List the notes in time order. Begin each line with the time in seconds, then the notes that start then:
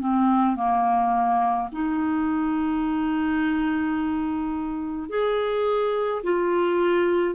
0.00 C4
0.56 A#3
1.72 D#4
5.09 G#4
6.24 F4